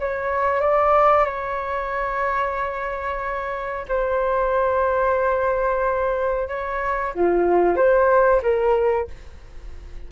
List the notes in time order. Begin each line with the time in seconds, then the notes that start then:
0.00 C#5
0.61 D5
1.26 C#5
3.89 C5
6.49 C#5
7.15 F4
7.76 C5
8.43 A#4